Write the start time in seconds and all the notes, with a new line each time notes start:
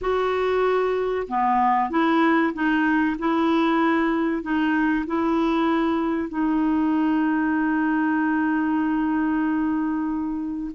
0.01 F#4
1.28 B3
1.89 E4
2.53 D#4
3.18 E4
4.42 D#4
5.06 E4
6.28 D#4